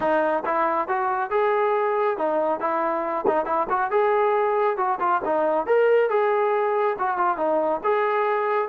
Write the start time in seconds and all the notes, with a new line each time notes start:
0.00 D#4
0.45 E4
0.88 F#4
1.30 G#4
2.17 D#4
2.59 E4
3.27 D#4
3.45 E4
3.69 F#4
3.91 G#4
4.77 F#4
4.99 F4
5.24 D#4
5.66 A#4
6.09 G#4
6.98 F#4
7.17 F4
7.37 D#4
7.83 G#4